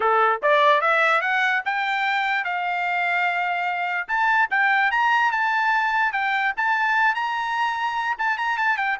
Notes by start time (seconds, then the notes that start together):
0.00 A4
0.42 D5
0.81 E5
1.21 F#5
1.65 G5
2.44 F5
4.08 A5
4.50 G5
4.91 A#5
5.31 A5
6.12 G5
6.56 A5
7.14 A#5
8.18 A5
8.37 A#5
8.57 A5
8.77 G5